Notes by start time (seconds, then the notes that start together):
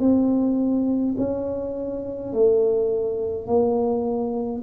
0.00 C4
1.17 C#4
2.33 A3
3.47 A#3